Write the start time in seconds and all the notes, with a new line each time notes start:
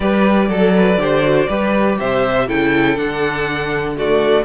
0.00 G3 G4 B4 D5
0.48 F#3 A4
0.76 B4
0.97 D3 G4 C5
1.22 F#4
1.48 G3 G4 B4
1.99 C3 C5 E5
2.47 C#3 E4 A4 G5
2.96 D3 D4 F#5
3.95 A3 F#4 D5